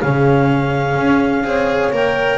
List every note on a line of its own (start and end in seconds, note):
0.00 0.97 C#3
0.00 1.44 C#4
0.00 1.45 G#4
0.00 1.92 F5
0.97 1.44 C#4
1.44 1.91 C4
1.44 1.92 G#4
1.44 2.38 C#5
1.91 2.38 A#3
1.91 2.38 A#4
1.91 2.38 G5